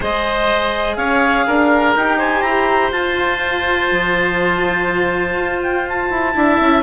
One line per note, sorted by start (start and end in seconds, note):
0.00 0.96 G#3
0.00 1.94 G#4
0.00 0.96 C5
0.00 0.96 D#5
0.96 1.45 C#4
0.96 1.46 C#5
0.96 1.93 F5
1.46 1.96 D4
1.46 2.17 A#4
1.96 2.42 D#4
1.96 2.91 G4
1.96 2.19 G5
2.17 6.32 C5
2.17 2.41 G#5
2.41 2.91 E4
2.41 2.90 A#5
2.91 6.32 F4
2.91 3.89 F4
2.91 5.59 A5
3.91 5.35 F3
5.35 6.08 F4
5.62 5.87 G5
5.87 6.83 A5
6.10 6.34 E4
6.33 6.59 D4
6.33 6.82 E4
6.33 6.83 E5
6.60 6.83 C#4